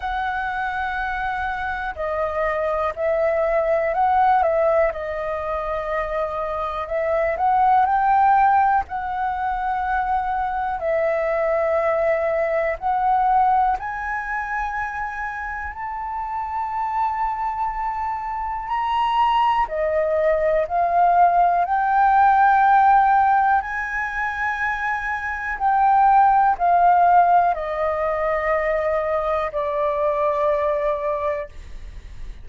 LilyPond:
\new Staff \with { instrumentName = "flute" } { \time 4/4 \tempo 4 = 61 fis''2 dis''4 e''4 | fis''8 e''8 dis''2 e''8 fis''8 | g''4 fis''2 e''4~ | e''4 fis''4 gis''2 |
a''2. ais''4 | dis''4 f''4 g''2 | gis''2 g''4 f''4 | dis''2 d''2 | }